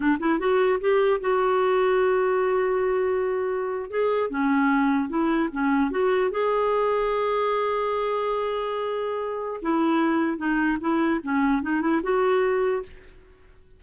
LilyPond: \new Staff \with { instrumentName = "clarinet" } { \time 4/4 \tempo 4 = 150 d'8 e'8 fis'4 g'4 fis'4~ | fis'1~ | fis'4.~ fis'16 gis'4 cis'4~ cis'16~ | cis'8. e'4 cis'4 fis'4 gis'16~ |
gis'1~ | gis'1 | e'2 dis'4 e'4 | cis'4 dis'8 e'8 fis'2 | }